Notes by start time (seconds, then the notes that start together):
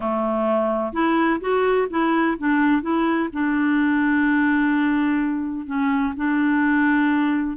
0.00 A3
0.93 E4
1.40 F#4
1.90 E4
2.38 D4
2.82 E4
3.33 D4
5.66 C#4
6.16 D4